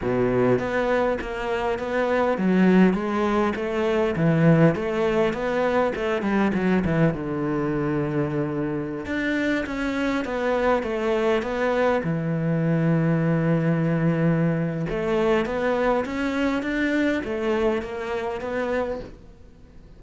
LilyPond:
\new Staff \with { instrumentName = "cello" } { \time 4/4 \tempo 4 = 101 b,4 b4 ais4 b4 | fis4 gis4 a4 e4 | a4 b4 a8 g8 fis8 e8 | d2.~ d16 d'8.~ |
d'16 cis'4 b4 a4 b8.~ | b16 e2.~ e8.~ | e4 a4 b4 cis'4 | d'4 a4 ais4 b4 | }